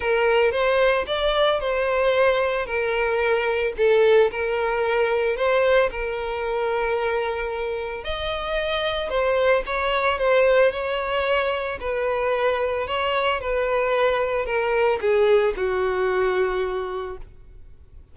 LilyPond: \new Staff \with { instrumentName = "violin" } { \time 4/4 \tempo 4 = 112 ais'4 c''4 d''4 c''4~ | c''4 ais'2 a'4 | ais'2 c''4 ais'4~ | ais'2. dis''4~ |
dis''4 c''4 cis''4 c''4 | cis''2 b'2 | cis''4 b'2 ais'4 | gis'4 fis'2. | }